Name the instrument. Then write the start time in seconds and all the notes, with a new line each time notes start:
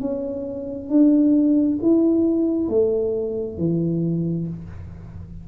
tuba
0.00 C#4
0.89 D4
1.82 E4
2.69 A3
3.58 E3